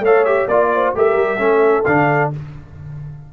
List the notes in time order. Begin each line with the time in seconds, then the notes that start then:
0.00 A3 C#5 F5
0.06 A4
0.25 G4 E5
0.48 A#3 F4 D5
0.74 C5
0.95 A3 G4 A#4 E5
1.16 G3
1.38 A3 C#4 A4
1.85 D3 D4 F5